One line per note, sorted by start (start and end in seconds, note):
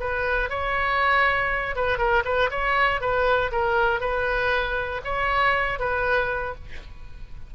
0.00 0.50 B4
0.50 1.76 C#5
1.76 1.98 B4
1.98 2.23 A#4
2.25 2.50 B4
2.50 3.01 C#5
3.01 3.51 B4
3.52 4.00 A#4
4.00 5.01 B4
5.04 5.79 C#5
5.79 6.55 B4